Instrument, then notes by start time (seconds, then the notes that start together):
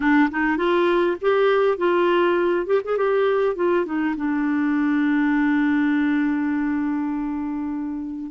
clarinet
0.00 D4
0.31 D#4
0.57 F4
1.21 G4
1.77 F4
2.66 G4
2.84 G#4
2.97 G4
3.55 F4
3.85 D#4
4.16 D4